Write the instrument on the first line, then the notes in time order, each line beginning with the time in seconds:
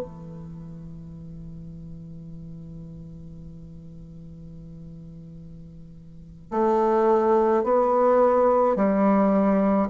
bassoon
0.00 E3
6.50 A3
7.64 B3
8.76 G3